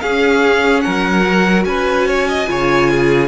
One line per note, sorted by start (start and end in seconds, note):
0.00 1.24 C#4
0.00 0.85 C#4
0.00 0.84 G#4
0.00 0.80 F5
0.80 1.65 F#3
0.80 1.66 A#4
0.80 1.63 F#5
1.26 2.47 F#4
1.65 2.47 C#4
1.65 2.07 B4
1.65 3.28 G#5
2.07 2.28 C#5
2.28 2.48 D#5
2.47 3.28 C#3
2.47 3.28 F4
2.47 2.90 C#5
2.90 3.28 G#4